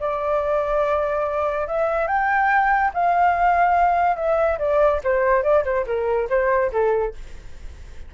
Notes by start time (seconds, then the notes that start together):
0.00 D5
1.68 E5
2.08 G5
2.94 F5
4.17 E5
4.59 D5
5.04 C5
5.43 D5
5.65 C5
5.87 A#4
6.30 C5
6.72 A4